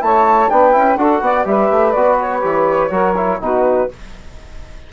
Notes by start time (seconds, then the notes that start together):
0.00 A3 E4 C#5 A5
0.50 B3 D4 B4 G5
0.72 C#4 E4
0.96 D4 F#4 A4 F#5
1.21 B3 D5
1.44 G3 G4 B4 E5
1.71 A3
1.92 B3 F#4 D5
2.21 C#5
2.41 E3 G4
2.90 F#3 F#4 A#4
3.17 E4
3.40 B2 D#4 F#4 B4